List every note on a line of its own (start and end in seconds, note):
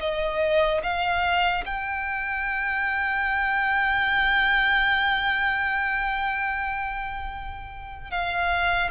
0.00 0.81 D#5
0.83 1.64 F5
1.66 8.11 G5
8.11 8.91 F5